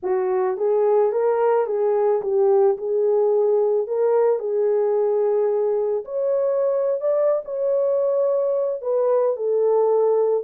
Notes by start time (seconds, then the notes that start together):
0.03 F#4
0.57 G#4
1.12 A#4
1.66 G#4
2.22 G4
2.77 G#4
3.87 A#4
4.39 G#4
6.04 C#5
7.01 D5
7.44 C#5
8.81 B4
9.36 A4